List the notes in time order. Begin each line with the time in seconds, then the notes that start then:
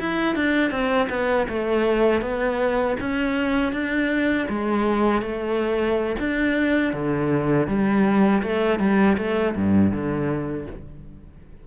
0.00 E4
0.35 D4
0.71 C4
1.09 B3
1.49 A3
2.21 B3
3.00 C#4
3.73 D4
4.49 G#3
5.22 A3
6.19 D4
6.93 D3
7.67 G3
8.43 A3
8.80 G3
9.17 A3
9.56 G2
9.92 D3